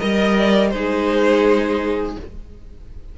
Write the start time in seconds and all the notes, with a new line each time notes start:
0.00 G3 A#4 D#5
0.39 D5
0.70 G#3 D#4 G#4 C5